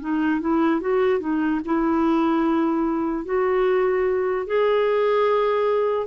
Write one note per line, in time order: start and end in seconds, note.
0.00 0.41 D#4
0.41 0.80 E4
0.80 1.20 F#4
1.20 1.60 D#4
1.65 3.25 E4
3.25 4.47 F#4
4.47 6.06 G#4